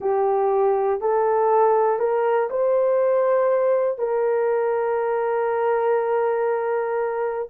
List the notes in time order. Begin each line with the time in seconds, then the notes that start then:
0.00 G4
1.00 A4
1.99 A#4
2.50 C5
3.98 A#4